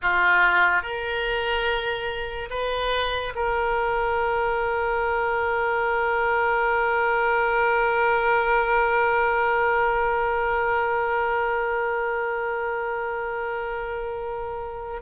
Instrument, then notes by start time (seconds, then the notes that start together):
oboe
0.02 F4
0.82 A#4
2.50 B4
3.35 A#4